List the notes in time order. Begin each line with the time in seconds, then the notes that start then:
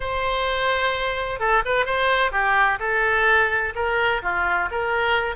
0.00 C5
1.39 A4
1.65 B4
1.85 C5
2.31 G4
2.79 A4
3.75 A#4
4.22 F4
4.71 A#4